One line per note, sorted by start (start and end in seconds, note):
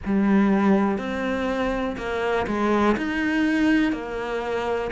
0.05 0.97 G3
0.97 1.96 C4
1.97 2.46 A#3
2.46 2.96 G#3
2.97 3.92 D#4
3.92 4.90 A#3